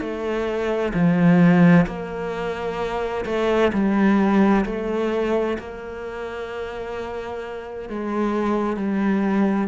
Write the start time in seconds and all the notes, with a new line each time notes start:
0.00 A3
0.94 F3
1.86 A#3
3.25 A3
3.73 G3
4.65 A3
5.58 A#3
7.89 G#3
8.76 G3